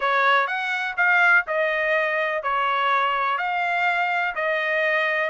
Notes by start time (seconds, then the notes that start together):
0.00 C#5
0.47 F#5
0.96 F5
1.47 D#5
2.42 C#5
3.38 F5
4.35 D#5